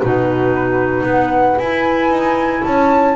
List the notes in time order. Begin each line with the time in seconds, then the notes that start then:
0.00 B2 D#4 F#4 B4
1.03 B3 B4
1.09 F#5
1.58 E4 G#5
2.09 D#4
2.63 C#4 C#5 A5